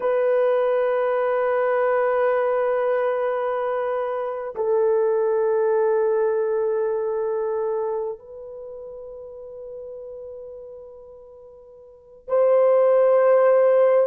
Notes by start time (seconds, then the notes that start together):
0.00 B4
4.55 A4
8.18 B4
12.27 C5